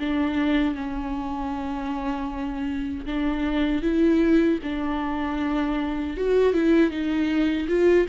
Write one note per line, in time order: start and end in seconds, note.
0.00 0.75 D4
0.75 3.06 C#4
3.06 3.83 D4
3.83 4.60 E4
4.64 6.17 D4
6.17 6.54 F#4
6.54 6.91 E4
6.91 7.68 D#4
7.69 8.07 F4